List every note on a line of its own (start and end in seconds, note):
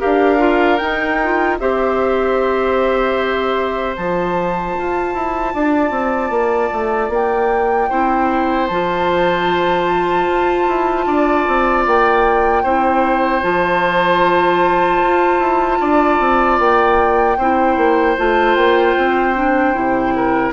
0.00 0.82 D4
0.00 0.39 G4
0.00 1.58 A#4
0.00 0.78 F5
0.39 0.78 F4
0.78 1.21 D#4
0.78 1.60 D#4
0.78 1.57 G5
1.24 1.60 F4
1.59 3.97 C4
1.59 3.97 G4
1.59 5.54 C5
1.59 3.96 E5
3.96 4.77 F3
3.96 7.91 F4
3.96 7.12 A5
4.79 5.14 F4
5.14 5.54 E4
5.54 5.91 D4
5.54 7.90 D5
5.91 6.30 C4
6.30 6.70 A#3
6.73 7.09 A3
7.09 7.88 A#3
7.09 8.68 G5
7.90 8.70 C4
7.90 8.70 E4
7.90 11.05 C5
8.68 10.28 F3
8.68 12.66 F4
8.68 11.84 A5
10.28 10.67 F4
10.68 11.07 E4
11.07 11.46 D4
11.07 12.63 D5
11.48 11.87 C4
11.87 12.64 A#3
11.87 13.44 G5
12.63 13.43 C4
12.63 13.43 E4
12.63 15.79 C5
13.43 15.02 F3
13.43 17.37 F4
13.43 16.59 A5
15.03 15.39 F4
15.39 15.79 E4
15.80 16.20 D4
15.80 17.38 D5
16.20 16.59 C4
16.59 17.38 A#3
16.59 18.17 G5
17.38 17.77 C4
17.38 18.18 E4
17.38 20.14 C5
17.77 18.17 A#3
18.18 18.56 A3
18.18 19.36 F4
18.18 18.55 A5
18.55 18.96 A#3
18.55 20.53 G5
18.98 19.76 C4
19.36 19.75 D4
19.75 20.53 C3
19.75 20.53 E4
20.16 20.53 A#4